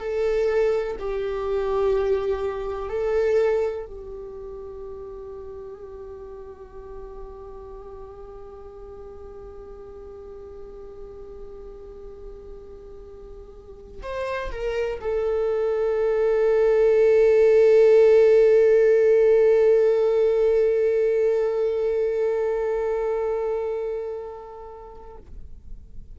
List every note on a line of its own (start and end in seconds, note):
0.00 0.97 A4
0.99 2.89 G4
2.89 3.86 A4
3.86 14.02 G4
14.02 14.51 C5
14.52 15.00 A#4
15.01 25.17 A4